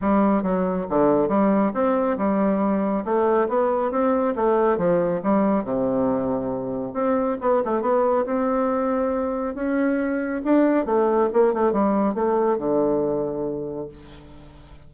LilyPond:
\new Staff \with { instrumentName = "bassoon" } { \time 4/4 \tempo 4 = 138 g4 fis4 d4 g4 | c'4 g2 a4 | b4 c'4 a4 f4 | g4 c2. |
c'4 b8 a8 b4 c'4~ | c'2 cis'2 | d'4 a4 ais8 a8 g4 | a4 d2. | }